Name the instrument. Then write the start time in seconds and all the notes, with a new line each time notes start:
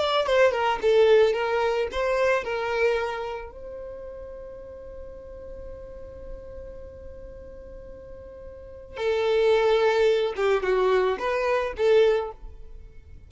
violin
0.00 D5
0.27 C5
0.52 A#4
0.82 A4
1.34 A#4
1.92 C5
2.44 A#4
3.52 C5
8.97 A4
10.36 G4
10.63 F#4
11.19 B4
11.77 A4